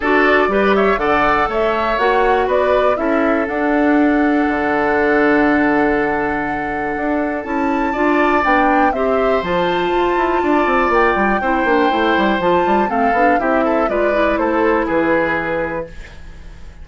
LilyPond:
<<
  \new Staff \with { instrumentName = "flute" } { \time 4/4 \tempo 4 = 121 d''4. e''8 fis''4 e''4 | fis''4 d''4 e''4 fis''4~ | fis''1~ | fis''2. a''4~ |
a''4 g''4 e''4 a''4~ | a''2 g''2~ | g''4 a''4 f''4 e''4 | d''4 c''4 b'2 | }
  \new Staff \with { instrumentName = "oboe" } { \time 4/4 a'4 b'8 cis''8 d''4 cis''4~ | cis''4 b'4 a'2~ | a'1~ | a'1 |
d''2 c''2~ | c''4 d''2 c''4~ | c''2 a'4 g'8 a'8 | b'4 a'4 gis'2 | }
  \new Staff \with { instrumentName = "clarinet" } { \time 4/4 fis'4 g'4 a'2 | fis'2 e'4 d'4~ | d'1~ | d'2. e'4 |
f'4 d'4 g'4 f'4~ | f'2. e'8 d'8 | e'4 f'4 c'8 d'8 e'4 | f'8 e'2.~ e'8 | }
  \new Staff \with { instrumentName = "bassoon" } { \time 4/4 d'4 g4 d4 a4 | ais4 b4 cis'4 d'4~ | d'4 d2.~ | d2 d'4 cis'4 |
d'4 b4 c'4 f4 | f'8 e'8 d'8 c'8 ais8 g8 c'8 ais8 | a8 g8 f8 g8 a8 b8 c'4 | gis4 a4 e2 | }
>>